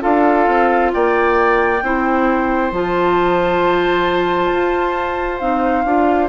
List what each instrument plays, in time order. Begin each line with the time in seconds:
0.00 bassoon D4, clarinet F4, oboe A4, flute F5
0.47 bassoon C4
0.93 bassoon A#3, oboe D5, flute G5
1.82 bassoon C4, clarinet E4, oboe C5
2.71 bassoon F3, clarinet F4, flute A5
4.52 bassoon F4
5.38 bassoon C4, clarinet D#4, flute F5
5.85 bassoon D4, clarinet F4